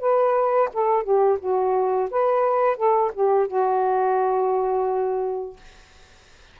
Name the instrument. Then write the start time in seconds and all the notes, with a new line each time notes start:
saxophone
0.00 B4
0.73 A4
1.03 G4
1.40 F#4
2.11 B4
2.77 A4
3.14 G4
3.47 F#4